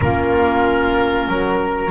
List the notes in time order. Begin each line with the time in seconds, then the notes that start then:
0.00 A#3 C#4 F4 A#4
1.28 F#3 A#4